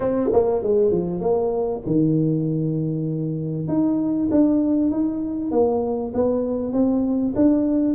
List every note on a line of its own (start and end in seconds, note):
0.00 0.29 C4
0.32 0.63 A#3
0.63 0.91 G#3
0.91 1.20 F3
1.20 1.81 A#3
1.86 3.68 D#3
3.68 4.29 D#4
4.31 4.91 D4
4.91 5.51 D#4
5.51 6.12 A#3
6.14 6.72 B3
6.72 7.34 C4
7.35 7.94 D4